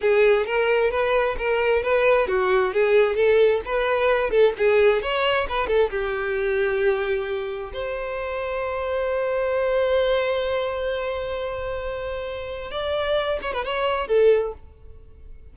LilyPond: \new Staff \with { instrumentName = "violin" } { \time 4/4 \tempo 4 = 132 gis'4 ais'4 b'4 ais'4 | b'4 fis'4 gis'4 a'4 | b'4. a'8 gis'4 cis''4 | b'8 a'8 g'2.~ |
g'4 c''2.~ | c''1~ | c''1 | d''4. cis''16 b'16 cis''4 a'4 | }